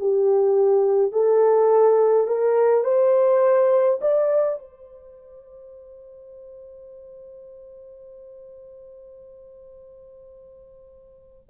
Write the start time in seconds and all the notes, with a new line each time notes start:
0.00 G4
1.12 A4
2.28 A#4
2.84 C5
4.02 D5
4.59 C5